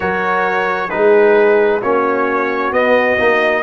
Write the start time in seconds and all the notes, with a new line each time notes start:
0.00 F#3 F#4 A#4 C#5
0.89 G#3 D#4 G#4 B4
1.81 A#3 C#4 F#4 C#5
2.71 B3 D#5
3.18 A#3 D#4